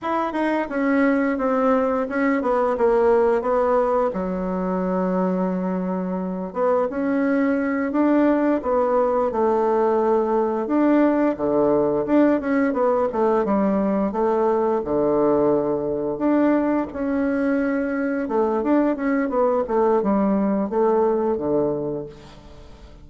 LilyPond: \new Staff \with { instrumentName = "bassoon" } { \time 4/4 \tempo 4 = 87 e'8 dis'8 cis'4 c'4 cis'8 b8 | ais4 b4 fis2~ | fis4. b8 cis'4. d'8~ | d'8 b4 a2 d'8~ |
d'8 d4 d'8 cis'8 b8 a8 g8~ | g8 a4 d2 d'8~ | d'8 cis'2 a8 d'8 cis'8 | b8 a8 g4 a4 d4 | }